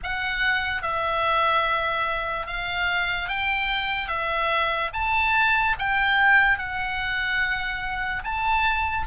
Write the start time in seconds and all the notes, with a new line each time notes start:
0.03 F#5
0.82 E5
2.46 F5
3.28 G5
4.08 E5
4.93 A5
5.78 G5
6.58 F#5
8.24 A5